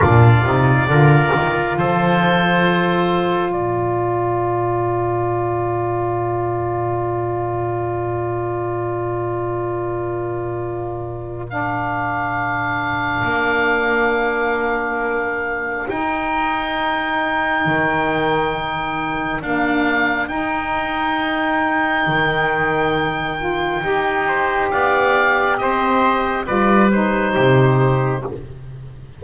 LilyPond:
<<
  \new Staff \with { instrumentName = "oboe" } { \time 4/4 \tempo 4 = 68 d''2 c''2 | d''1~ | d''1~ | d''4 f''2.~ |
f''2 g''2~ | g''2 f''4 g''4~ | g''1 | f''4 dis''4 d''8 c''4. | }
  \new Staff \with { instrumentName = "trumpet" } { \time 4/4 f'4 ais'4 a'2 | ais'1~ | ais'1~ | ais'1~ |
ais'1~ | ais'1~ | ais'2.~ ais'8 c''8 | d''4 c''4 b'4 g'4 | }
  \new Staff \with { instrumentName = "saxophone" } { \time 4/4 d'8 dis'8 f'2.~ | f'1~ | f'1~ | f'4 d'2.~ |
d'2 dis'2~ | dis'2 ais4 dis'4~ | dis'2~ dis'8 f'8 g'4~ | g'2 f'8 dis'4. | }
  \new Staff \with { instrumentName = "double bass" } { \time 4/4 ais,8 c8 d8 dis8 f2 | ais,1~ | ais,1~ | ais,2. ais4~ |
ais2 dis'2 | dis2 d'4 dis'4~ | dis'4 dis2 dis'4 | b4 c'4 g4 c4 | }
>>